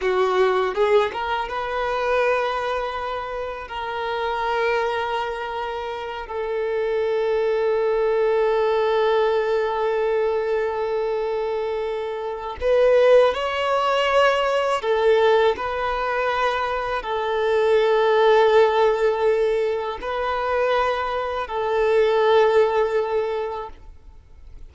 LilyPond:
\new Staff \with { instrumentName = "violin" } { \time 4/4 \tempo 4 = 81 fis'4 gis'8 ais'8 b'2~ | b'4 ais'2.~ | ais'8 a'2.~ a'8~ | a'1~ |
a'4 b'4 cis''2 | a'4 b'2 a'4~ | a'2. b'4~ | b'4 a'2. | }